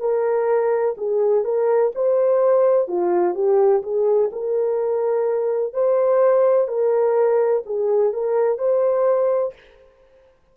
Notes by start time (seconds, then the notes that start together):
0.00 A#4
0.97 G#4
1.44 A#4
1.95 C5
2.88 F4
3.35 G4
3.83 G#4
4.32 A#4
5.74 C5
6.68 A#4
7.66 G#4
8.13 A#4
8.58 C5